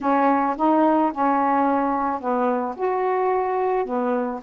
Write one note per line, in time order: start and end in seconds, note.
0.01 0.56 C#4
0.57 1.12 D#4
1.12 2.20 C#4
2.20 2.75 B3
2.76 3.85 F#4
3.85 4.40 B3